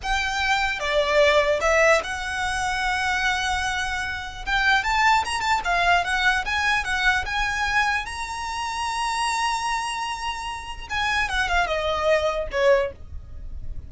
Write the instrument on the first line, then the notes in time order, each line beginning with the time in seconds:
violin
0.02 G5
0.79 D5
1.61 E5
2.03 F#5
4.45 G5
4.83 A5
5.24 A#5
5.40 A5
5.64 F5
6.04 F#5
6.45 G#5
6.84 F#5
7.25 G#5
8.05 A#5
10.89 G#5
11.28 F#5
11.48 F5
11.66 D#5
12.51 C#5